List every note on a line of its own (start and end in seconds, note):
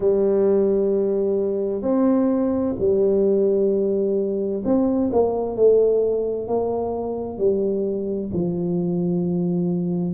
0.00 1.82 G3
1.82 2.74 C4
2.78 4.63 G3
4.64 5.10 C4
5.12 5.56 A#3
5.56 6.47 A3
6.47 7.38 A#3
7.38 8.30 G3
8.33 10.13 F3